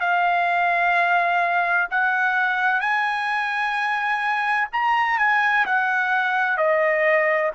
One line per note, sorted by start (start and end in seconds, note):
0.00 1.87 F5
1.90 2.80 F#5
2.80 4.67 G#5
4.72 5.18 A#5
5.18 5.65 G#5
5.65 6.57 F#5
6.57 7.51 D#5